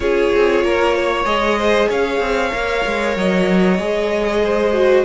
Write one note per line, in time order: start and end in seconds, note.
0.00 0.32 C#4
0.00 1.24 F4
0.00 0.64 G#4
0.00 1.25 C#5
0.34 0.63 C4
0.63 1.24 A#3
0.63 0.95 A#4
0.95 1.58 C#5
1.24 1.87 G#3
1.24 2.49 G#4
1.24 1.88 D#5
1.58 1.88 C5
1.88 2.20 C#4
1.88 4.41 C#5
1.88 3.17 F5
2.20 2.51 C4
2.49 2.85 A#3
2.49 3.76 A#4
2.85 3.16 G#3
3.16 3.78 F#3
3.16 5.05 D#5
3.78 5.05 G#3
3.78 4.72 G#4
4.43 5.05 C5
4.72 5.04 F#4